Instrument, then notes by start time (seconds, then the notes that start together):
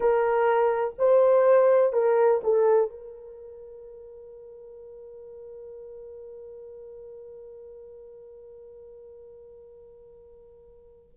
horn
0.00 A#4
0.98 C5
1.93 A#4
2.43 A4
2.89 A#4